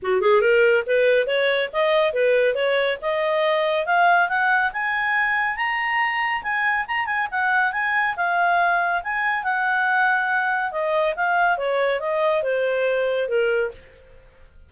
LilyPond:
\new Staff \with { instrumentName = "clarinet" } { \time 4/4 \tempo 4 = 140 fis'8 gis'8 ais'4 b'4 cis''4 | dis''4 b'4 cis''4 dis''4~ | dis''4 f''4 fis''4 gis''4~ | gis''4 ais''2 gis''4 |
ais''8 gis''8 fis''4 gis''4 f''4~ | f''4 gis''4 fis''2~ | fis''4 dis''4 f''4 cis''4 | dis''4 c''2 ais'4 | }